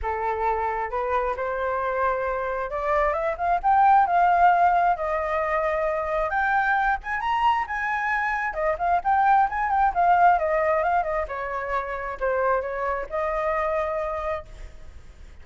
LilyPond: \new Staff \with { instrumentName = "flute" } { \time 4/4 \tempo 4 = 133 a'2 b'4 c''4~ | c''2 d''4 e''8 f''8 | g''4 f''2 dis''4~ | dis''2 g''4. gis''8 |
ais''4 gis''2 dis''8 f''8 | g''4 gis''8 g''8 f''4 dis''4 | f''8 dis''8 cis''2 c''4 | cis''4 dis''2. | }